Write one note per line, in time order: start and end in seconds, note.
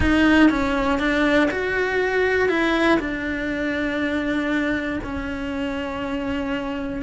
0.00 0.50 D#4
0.50 0.99 C#4
0.99 1.49 D4
1.50 2.49 F#4
2.49 2.99 E4
2.99 4.99 D4
5.03 7.02 C#4